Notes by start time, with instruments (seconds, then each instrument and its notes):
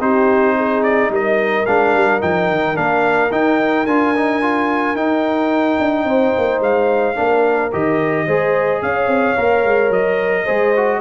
0.00 tuba C4, trombone D#4, horn G4, trumpet C5
0.56 horn G#4
0.83 trumpet D5
1.09 tuba G3, horn A#4, trumpet D#5
1.65 tuba G#3, trombone D4, trumpet F5
1.94 tuba G3
2.20 tuba F3, trombone D#4, trumpet G5
2.50 tuba D#3
2.75 tuba A#3, trombone D4, trumpet F5
3.31 tuba D#4, trombone D#4, trumpet G5
3.86 tuba D4, trombone F4, trumpet G#5
4.15 trombone D#4
4.41 trombone F4
4.94 tuba D#4, trombone D#4, trumpet G5
5.79 tuba D4
6.04 tuba C4, horn C5
6.37 tuba A#3
6.60 tuba G#3, trumpet F5
7.15 tuba A#3, trombone D4, horn A#4
7.72 tuba D#3, trombone G4, trumpet D#5
8.26 tuba G#3, trombone G#4, horn C5
8.82 tuba C#4, horn C#5, trumpet F5
9.07 tuba C4
9.36 tuba A#3, trombone A#4
9.64 tuba G#3
9.89 tuba F#3, trumpet D#5
10.44 tuba G#3, trombone G#4, horn C5
10.76 trombone F#4